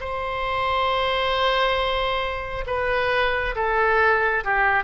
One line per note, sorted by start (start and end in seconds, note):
0.00 2.65 C5
2.67 3.55 B4
3.56 4.44 A4
4.44 4.84 G4